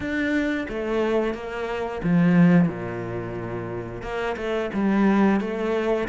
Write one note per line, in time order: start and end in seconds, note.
0.00 0.66 D4
0.69 1.34 A3
1.34 2.01 A#3
2.03 2.68 F3
2.68 4.02 A#2
4.02 4.35 A#3
4.36 4.70 A3
4.73 5.40 G3
5.40 6.07 A3